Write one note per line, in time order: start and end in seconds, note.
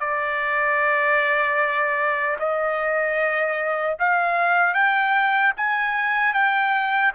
0.00 2.37 D5
2.39 3.97 D#5
3.99 4.74 F5
4.74 5.53 G5
5.57 6.34 G#5
6.34 7.13 G5